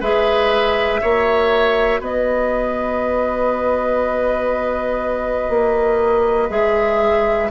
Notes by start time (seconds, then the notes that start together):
0.00 G#3 G#4 B4 E5
1.01 A#3 F#4 C#5
1.99 B3 B4 D#5
5.49 A#3
6.49 G#3 G#4 E5